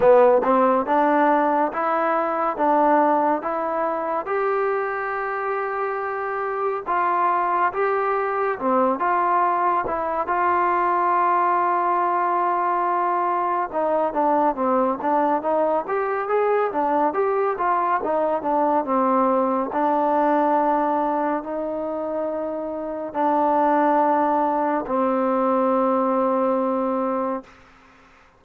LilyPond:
\new Staff \with { instrumentName = "trombone" } { \time 4/4 \tempo 4 = 70 b8 c'8 d'4 e'4 d'4 | e'4 g'2. | f'4 g'4 c'8 f'4 e'8 | f'1 |
dis'8 d'8 c'8 d'8 dis'8 g'8 gis'8 d'8 | g'8 f'8 dis'8 d'8 c'4 d'4~ | d'4 dis'2 d'4~ | d'4 c'2. | }